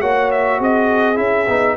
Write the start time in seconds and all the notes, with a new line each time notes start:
0.00 A#3 F#4 C#5 F#5
0.31 E5
0.58 C4 G#4 D#5
1.15 C#4 E4 E5
1.48 B3 D#4